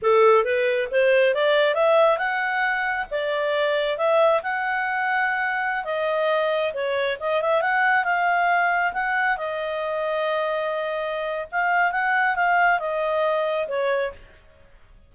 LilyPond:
\new Staff \with { instrumentName = "clarinet" } { \time 4/4 \tempo 4 = 136 a'4 b'4 c''4 d''4 | e''4 fis''2 d''4~ | d''4 e''4 fis''2~ | fis''4~ fis''16 dis''2 cis''8.~ |
cis''16 dis''8 e''8 fis''4 f''4.~ f''16~ | f''16 fis''4 dis''2~ dis''8.~ | dis''2 f''4 fis''4 | f''4 dis''2 cis''4 | }